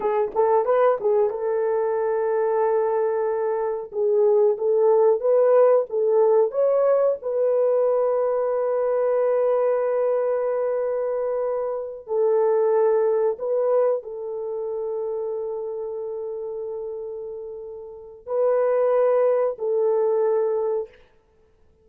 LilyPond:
\new Staff \with { instrumentName = "horn" } { \time 4/4 \tempo 4 = 92 gis'8 a'8 b'8 gis'8 a'2~ | a'2 gis'4 a'4 | b'4 a'4 cis''4 b'4~ | b'1~ |
b'2~ b'8 a'4.~ | a'8 b'4 a'2~ a'8~ | a'1 | b'2 a'2 | }